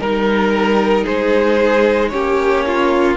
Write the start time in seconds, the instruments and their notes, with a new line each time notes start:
0.00 cello G3, viola D#4, violin A#4
1.04 cello G#3, violin G#4 C5
2.09 cello A#3, viola C#4, violin G4 C#5
2.66 violin F4